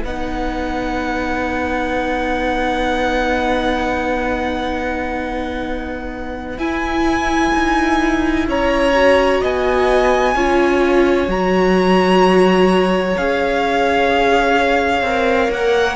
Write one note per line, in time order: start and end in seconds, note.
0.00 6.57 B3
0.00 6.58 D#4
0.00 8.44 B4
0.00 6.58 F#5
6.57 7.51 E4
6.57 8.92 E4
6.57 8.46 G#5
7.54 8.48 D#4
8.48 9.41 C#4
8.48 9.41 C#5
8.48 9.43 A#5
8.94 10.35 F#4
9.41 10.35 B3
9.41 10.35 D#5
9.41 11.30 G#5
10.35 11.28 C#4
10.35 11.28 F4
10.35 15.96 C#5
11.28 13.15 F#3
11.28 13.16 F#4
11.28 13.17 A#5
13.17 15.01 C#4
13.17 15.05 G#4
13.17 15.51 F5
15.01 15.48 C4
15.01 15.96 A#4
15.50 15.96 A#3
15.50 15.96 F#5